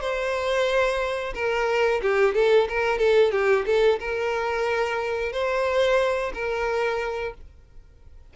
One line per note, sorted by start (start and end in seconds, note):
0.00 1.33 C5
1.34 2.01 A#4
2.02 2.34 G4
2.34 2.68 A4
2.68 2.98 A#4
2.98 3.32 A4
3.32 3.65 G4
3.65 3.99 A4
3.99 5.32 A#4
5.32 6.32 C5
6.34 7.34 A#4